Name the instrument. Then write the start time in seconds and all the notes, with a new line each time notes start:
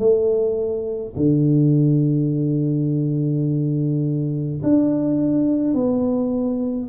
tuba
0.00 A3
1.16 D3
4.64 D4
5.74 B3